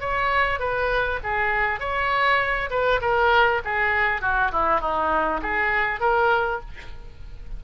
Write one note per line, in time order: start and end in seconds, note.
0.00 0.59 C#5
0.59 1.19 B4
1.23 1.79 G#4
1.79 2.69 C#5
2.70 3.00 B4
3.01 3.61 A#4
3.64 4.21 G#4
4.21 4.51 F#4
4.51 4.80 E4
4.80 5.40 D#4
5.42 6.00 G#4
6.00 6.60 A#4